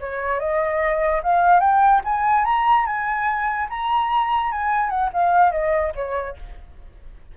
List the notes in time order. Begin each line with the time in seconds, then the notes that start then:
0.00 C#5
0.39 D#5
1.23 F5
1.60 G5
2.04 G#5
2.45 A#5
2.86 G#5
3.69 A#5
4.51 G#5
4.89 F#5
5.13 F5
5.51 D#5
5.95 C#5